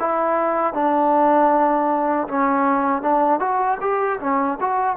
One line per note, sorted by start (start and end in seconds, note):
0.00 0.74 E4
0.74 2.28 D4
2.28 3.02 C#4
3.02 3.40 D4
3.40 3.78 F#4
3.81 4.20 G4
4.20 4.59 C#4
4.60 4.97 F#4